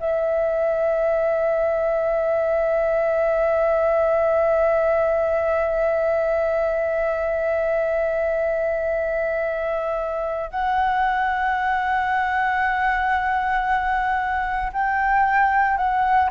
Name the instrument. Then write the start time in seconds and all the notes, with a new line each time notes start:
flute
0.00 E5
10.51 F#5
14.73 G5
15.78 F#5